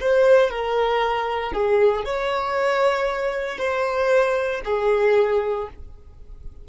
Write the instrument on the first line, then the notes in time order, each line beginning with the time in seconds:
violin
0.00 C5
0.50 A#4
1.53 G#4
2.05 C#5
3.58 C5
4.65 G#4